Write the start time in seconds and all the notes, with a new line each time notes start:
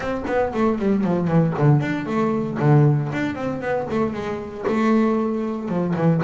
0.00 C4
0.27 B3
0.53 A3
0.78 G3
1.04 F3
1.27 E3
1.58 D3
1.80 D4
2.06 A3
2.59 D3
3.12 D4
3.35 C4
3.61 B3
3.90 A3
4.13 G#3
4.67 A3
5.68 F3
5.96 E3